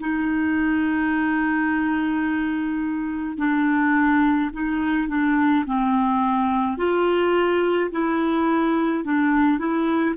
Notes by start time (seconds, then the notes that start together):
0.00 D#4
3.38 D4
4.53 D#4
5.08 D4
5.67 C4
6.78 F4
7.91 E4
9.04 D4
9.59 E4